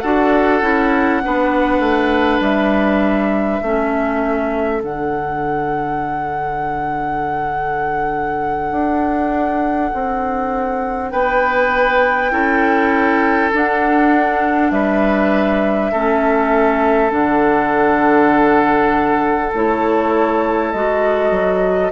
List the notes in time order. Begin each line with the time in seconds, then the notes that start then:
0.00 D4 F#4 A4 F#5
0.62 C#4 E4
1.24 B3 D4 B4
1.79 A3
2.40 G3 E5
3.62 A3 C#4 A4
4.82 D3 D4 F#5
8.71 D4
9.94 C4
11.11 B3 B4 G5
12.30 C#4 E4 A4
13.54 D4 F#5
14.71 G3 B4 E5
15.92 A3 C#4 A4
17.11 D3 D4 F#5
19.54 A3 E4 C#5
20.71 G#3 F#4 D#5
21.31 F#3